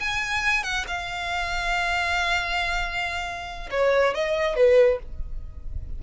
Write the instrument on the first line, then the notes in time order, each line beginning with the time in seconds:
violin
0.00 G#5
0.63 F#5
0.87 F5
3.71 C#5
4.14 D#5
4.56 B4